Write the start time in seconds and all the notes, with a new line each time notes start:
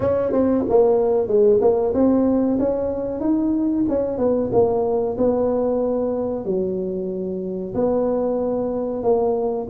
0.00 C#4
0.32 C4
0.69 A#3
1.27 G#3
1.61 A#3
1.94 C4
2.59 C#4
3.20 D#4
3.89 C#4
4.18 B3
4.52 A#3
5.17 B3
6.45 F#3
7.74 B3
9.03 A#3